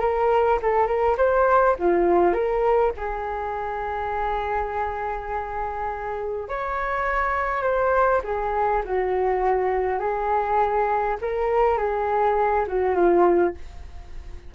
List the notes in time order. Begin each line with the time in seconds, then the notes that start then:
0.00 A#4
0.62 A4
0.87 A#4
1.17 C5
1.79 F4
2.33 A#4
2.97 G#4
6.48 C#5
7.63 C5
8.24 G#4
8.85 F#4
9.99 G#4
11.21 A#4
11.78 G#4
12.67 F#4
12.95 F4